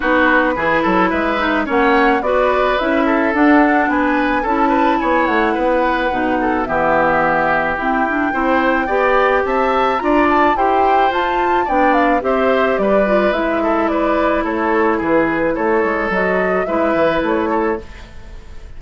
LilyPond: <<
  \new Staff \with { instrumentName = "flute" } { \time 4/4 \tempo 4 = 108 b'2 e''4 fis''4 | d''4 e''4 fis''4 gis''4 | a''4 gis''8 fis''2~ fis''8 | e''2 g''2~ |
g''4 a''4 ais''8 a''8 g''4 | a''4 g''8 f''8 e''4 d''4 | e''4 d''4 cis''4 b'4 | cis''4 dis''4 e''4 cis''4 | }
  \new Staff \with { instrumentName = "oboe" } { \time 4/4 fis'4 gis'8 a'8 b'4 cis''4 | b'4. a'4. b'4 | a'8 b'8 cis''4 b'4. a'8 | g'2. c''4 |
d''4 e''4 d''4 c''4~ | c''4 d''4 c''4 b'4~ | b'8 a'8 b'4 a'4 gis'4 | a'2 b'4. a'8 | }
  \new Staff \with { instrumentName = "clarinet" } { \time 4/4 dis'4 e'4. dis'8 cis'4 | fis'4 e'4 d'2 | e'2. dis'4 | b2 c'8 d'8 e'4 |
g'2 f'4 g'4 | f'4 d'4 g'4. f'8 | e'1~ | e'4 fis'4 e'2 | }
  \new Staff \with { instrumentName = "bassoon" } { \time 4/4 b4 e8 fis8 gis4 ais4 | b4 cis'4 d'4 b4 | cis'4 b8 a8 b4 b,4 | e2 e'4 c'4 |
b4 c'4 d'4 e'4 | f'4 b4 c'4 g4 | gis2 a4 e4 | a8 gis8 fis4 gis8 e8 a4 | }
>>